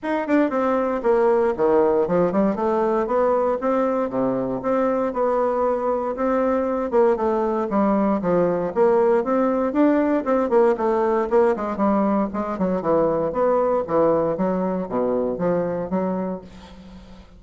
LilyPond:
\new Staff \with { instrumentName = "bassoon" } { \time 4/4 \tempo 4 = 117 dis'8 d'8 c'4 ais4 dis4 | f8 g8 a4 b4 c'4 | c4 c'4 b2 | c'4. ais8 a4 g4 |
f4 ais4 c'4 d'4 | c'8 ais8 a4 ais8 gis8 g4 | gis8 fis8 e4 b4 e4 | fis4 b,4 f4 fis4 | }